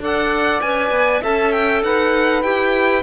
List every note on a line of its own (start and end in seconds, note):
0.00 0.61 D4
0.00 0.62 A4
0.00 1.22 D5
0.00 0.61 F#5
0.61 0.91 C#4
0.61 1.24 B4
0.61 1.22 G#5
0.91 1.21 B3
1.22 1.83 C#4
1.22 2.43 A4
1.22 1.82 E5
1.22 1.52 A5
1.52 1.83 G5
1.83 2.43 D#4
1.83 3.03 B4
1.83 2.43 F#5
2.43 3.03 E4
2.43 3.03 G4
2.43 3.03 G5